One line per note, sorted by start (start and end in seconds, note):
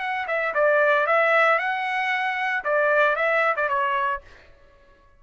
0.00 0.26 F#5
0.28 0.54 E5
0.55 1.07 D5
1.07 1.59 E5
1.59 2.64 F#5
2.64 3.16 D5
3.16 3.55 E5
3.56 3.69 D5
3.69 4.22 C#5